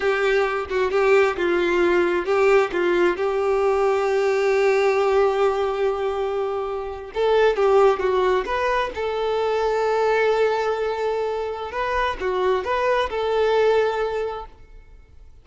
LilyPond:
\new Staff \with { instrumentName = "violin" } { \time 4/4 \tempo 4 = 133 g'4. fis'8 g'4 f'4~ | f'4 g'4 f'4 g'4~ | g'1~ | g'2.~ g'8. a'16~ |
a'8. g'4 fis'4 b'4 a'16~ | a'1~ | a'2 b'4 fis'4 | b'4 a'2. | }